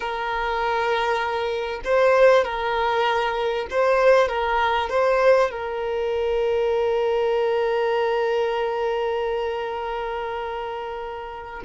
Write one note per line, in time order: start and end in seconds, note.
0.00 1.80 A#4
1.84 2.44 C5
2.44 3.67 A#4
3.70 4.28 C5
4.28 4.89 A#4
4.89 5.50 C5
5.50 11.62 A#4